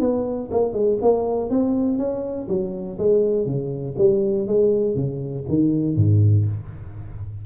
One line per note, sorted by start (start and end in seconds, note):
0.00 0.50 B3
0.51 0.73 A#3
0.73 0.98 G#3
1.02 1.50 A#3
1.50 1.98 C4
1.98 2.48 C#4
2.48 2.98 F#3
2.99 3.46 G#3
3.46 3.96 C#3
3.98 4.47 G3
4.47 4.95 G#3
4.95 5.45 C#3
5.49 5.96 D#3
5.96 6.46 G#2